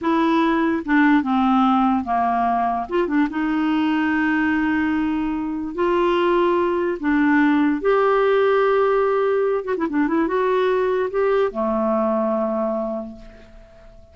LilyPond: \new Staff \with { instrumentName = "clarinet" } { \time 4/4 \tempo 4 = 146 e'2 d'4 c'4~ | c'4 ais2 f'8 d'8 | dis'1~ | dis'2 f'2~ |
f'4 d'2 g'4~ | g'2.~ g'8 fis'16 e'16 | d'8 e'8 fis'2 g'4 | a1 | }